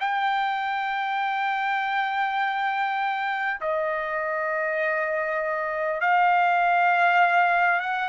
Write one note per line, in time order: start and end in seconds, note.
0.00 3.60 G5
3.61 6.01 D#5
6.01 7.80 F5
7.80 8.09 F#5